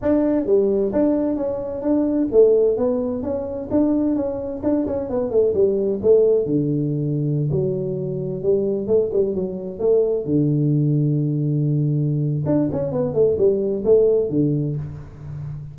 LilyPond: \new Staff \with { instrumentName = "tuba" } { \time 4/4 \tempo 4 = 130 d'4 g4 d'4 cis'4 | d'4 a4 b4 cis'4 | d'4 cis'4 d'8 cis'8 b8 a8 | g4 a4 d2~ |
d16 fis2 g4 a8 g16~ | g16 fis4 a4 d4.~ d16~ | d2. d'8 cis'8 | b8 a8 g4 a4 d4 | }